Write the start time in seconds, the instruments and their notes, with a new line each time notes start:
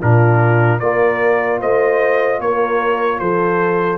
0.00 tuba A#2, trombone D4, horn F4, trumpet A#4
0.80 tuba A#3, trombone F4, horn A#4, trumpet D5
1.60 tuba A3, horn C5, trumpet D#5
2.39 tuba A#3, horn A#4, trumpet C#5
3.19 tuba F3, horn A4, trumpet C5